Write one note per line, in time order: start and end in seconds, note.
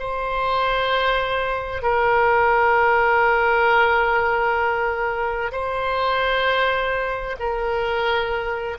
0.00 1.83 C5
1.83 5.52 A#4
5.52 7.37 C5
7.40 8.78 A#4